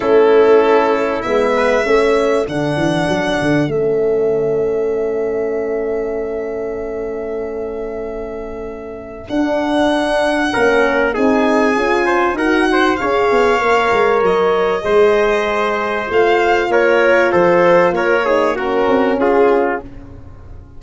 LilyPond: <<
  \new Staff \with { instrumentName = "violin" } { \time 4/4 \tempo 4 = 97 a'2 e''2 | fis''2 e''2~ | e''1~ | e''2. fis''4~ |
fis''2 gis''2 | fis''4 f''2 dis''4~ | dis''2 f''4 cis''4 | c''4 cis''4 ais'4 gis'4 | }
  \new Staff \with { instrumentName = "trumpet" } { \time 4/4 e'2~ e'8 b'8 a'4~ | a'1~ | a'1~ | a'1~ |
a'4 ais'4 gis'4. c''8 | ais'8 c''8 cis''2. | c''2. ais'4 | a'4 ais'8 gis'8 fis'4 f'4 | }
  \new Staff \with { instrumentName = "horn" } { \time 4/4 cis'2 b4 cis'4 | d'2 cis'2~ | cis'1~ | cis'2. d'4~ |
d'4 cis'4 dis'4 f'4 | fis'4 gis'4 ais'2 | gis'2 f'2~ | f'4. dis'8 cis'2 | }
  \new Staff \with { instrumentName = "tuba" } { \time 4/4 a2 gis4 a4 | d8 e8 fis8 d8 a2~ | a1~ | a2. d'4~ |
d'4 ais4 c'4 cis'4 | dis'4 cis'8 b8 ais8 gis8 fis4 | gis2 a4 ais4 | f4 ais4. c'8 cis'4 | }
>>